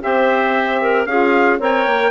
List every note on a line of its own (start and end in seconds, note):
0.00 1.06 C4
0.00 1.05 G4
0.00 0.81 C5
0.00 1.05 E5
0.81 1.08 A#4
1.05 1.58 C#4
1.05 1.59 F4
1.05 1.59 G#4
1.05 1.58 F5
1.59 1.85 C4
1.59 2.11 A#4
1.59 2.11 C#5
1.59 2.11 G5
1.85 2.11 A#3